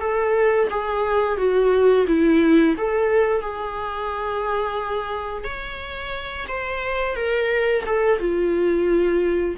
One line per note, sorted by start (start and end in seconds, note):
0.00 0.68 A4
0.70 1.37 G#4
1.37 2.05 F#4
2.07 2.75 E4
2.77 3.41 A4
3.41 5.44 G#4
5.44 6.46 C#5
6.48 7.16 C5
7.16 7.84 A#4
7.86 8.19 A4
8.19 9.55 F4